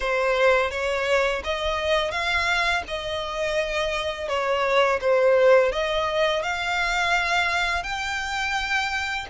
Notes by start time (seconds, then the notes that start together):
0.00 C5
0.70 C#5
1.44 D#5
2.11 F5
2.87 D#5
4.28 C#5
5.00 C5
5.71 D#5
6.43 F5
7.83 G5